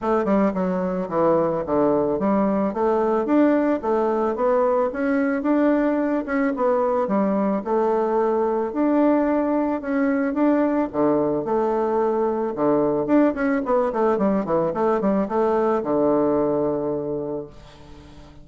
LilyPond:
\new Staff \with { instrumentName = "bassoon" } { \time 4/4 \tempo 4 = 110 a8 g8 fis4 e4 d4 | g4 a4 d'4 a4 | b4 cis'4 d'4. cis'8 | b4 g4 a2 |
d'2 cis'4 d'4 | d4 a2 d4 | d'8 cis'8 b8 a8 g8 e8 a8 g8 | a4 d2. | }